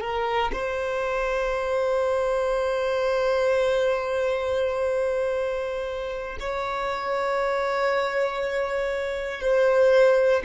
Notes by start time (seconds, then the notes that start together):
0.00 A#4
0.52 C5
6.39 C#5
9.41 C5